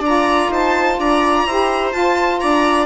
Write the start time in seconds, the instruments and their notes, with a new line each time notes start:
0.00 bassoon D4, saxophone F4, viola D5, violin A#5
0.50 bassoon D#4, viola C5, violin A5
0.98 bassoon D4, viola D5, violin A#5
1.46 bassoon E4, saxophone G4, viola C5
1.92 saxophone F4, bassoon F4, violin A5
2.40 bassoon D4, viola D5, violin A#5